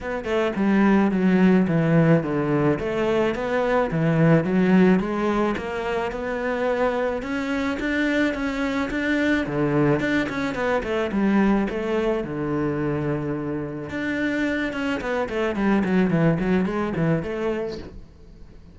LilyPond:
\new Staff \with { instrumentName = "cello" } { \time 4/4 \tempo 4 = 108 b8 a8 g4 fis4 e4 | d4 a4 b4 e4 | fis4 gis4 ais4 b4~ | b4 cis'4 d'4 cis'4 |
d'4 d4 d'8 cis'8 b8 a8 | g4 a4 d2~ | d4 d'4. cis'8 b8 a8 | g8 fis8 e8 fis8 gis8 e8 a4 | }